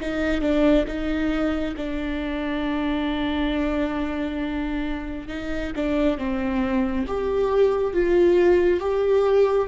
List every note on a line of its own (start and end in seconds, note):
0.00 0.41 D#4
0.41 0.85 D4
0.87 1.75 D#4
1.76 5.28 D4
5.28 5.72 D#4
5.76 6.18 D4
6.18 7.06 C4
7.07 7.93 G4
7.93 8.80 F4
8.80 9.68 G4